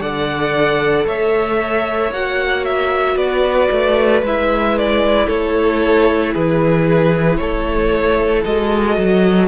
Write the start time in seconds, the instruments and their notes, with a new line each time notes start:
0.00 cello D3, viola A4, violin D5 F#5
1.06 cello A3, violin C#5 E5
2.11 cello A#3, viola F#4, violin F#5
2.64 violin E5
3.16 cello B3, violin B4 D5
3.71 cello A3
4.22 cello G#3, viola E4, violin E5
4.78 violin D5
5.26 cello A3, violin A4 C#5
6.32 cello E3, violin G#4 B4
7.37 cello A3, violin A4 C#5
8.45 cello G#3, viola F#4, violin D#5
8.97 cello F#3